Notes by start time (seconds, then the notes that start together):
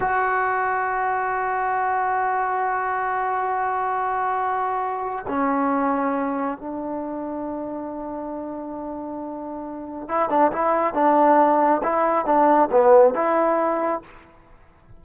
0.00 F#4
5.28 C#4
6.58 D4
10.08 E4
10.29 D4
10.52 E4
10.94 D4
11.83 E4
12.25 D4
12.71 B3
13.14 E4